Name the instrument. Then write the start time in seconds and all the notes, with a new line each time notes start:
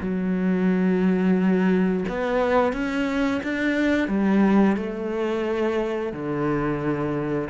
cello
0.00 F#3
2.08 B3
2.73 C#4
3.43 D4
4.08 G3
4.76 A3
6.12 D3